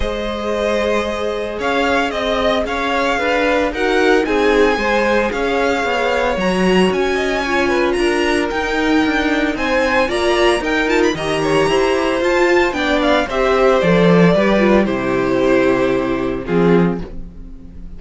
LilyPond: <<
  \new Staff \with { instrumentName = "violin" } { \time 4/4 \tempo 4 = 113 dis''2. f''4 | dis''4 f''2 fis''4 | gis''2 f''2 | ais''4 gis''2 ais''4 |
g''2 gis''4 ais''4 | g''8 a''16 b''16 ais''2 a''4 | g''8 f''8 e''4 d''2 | c''2. gis'4 | }
  \new Staff \with { instrumentName = "violin" } { \time 4/4 c''2. cis''4 | dis''4 cis''4 b'4 ais'4 | gis'4 c''4 cis''2~ | cis''4. dis''8 cis''8 b'8 ais'4~ |
ais'2 c''4 d''4 | ais'4 dis''8 cis''8 c''2 | d''4 c''2 b'4 | g'2. f'4 | }
  \new Staff \with { instrumentName = "viola" } { \time 4/4 gis'1~ | gis'2. fis'4 | dis'4 gis'2. | fis'2 f'2 |
dis'2. f'4 | dis'8 f'8 g'2 f'4 | d'4 g'4 a'4 g'8 f'8 | e'2. c'4 | }
  \new Staff \with { instrumentName = "cello" } { \time 4/4 gis2. cis'4 | c'4 cis'4 d'4 dis'4 | c'4 gis4 cis'4 b4 | fis4 cis'2 d'4 |
dis'4 d'4 c'4 ais4 | dis'4 dis4 e'4 f'4 | b4 c'4 f4 g4 | c2. f4 | }
>>